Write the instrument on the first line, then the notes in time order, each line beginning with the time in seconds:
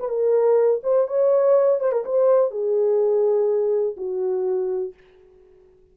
horn
0.00 B4
0.09 A#4
0.84 C5
1.08 C#5
1.80 C5
1.92 A#4
2.05 C5
2.51 G#4
3.97 F#4